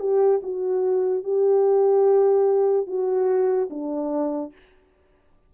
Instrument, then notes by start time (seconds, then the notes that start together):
horn
0.00 G4
0.43 F#4
1.24 G4
2.87 F#4
3.71 D4